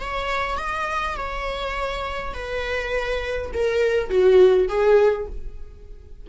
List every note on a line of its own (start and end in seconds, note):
0.00 0.57 C#5
0.57 1.16 D#5
1.16 2.34 C#5
2.34 3.51 B4
3.53 4.09 A#4
4.09 4.68 F#4
4.68 5.27 G#4